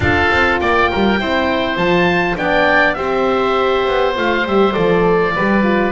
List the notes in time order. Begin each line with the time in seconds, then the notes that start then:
0.00 D4 F4 A4 F5
0.30 C4
0.59 A#3 D5 G5
0.90 G3 A#4
1.19 C4 E4 C5
1.77 F3 F4 A5
2.36 B3 D4 D5 G5
2.93 C4 G4 C5 E5
3.87 B3
4.15 A3 F4 F5
4.45 G3 G4 E5
4.72 F3 A4 D5
5.34 G3 G4 B4
5.62 F4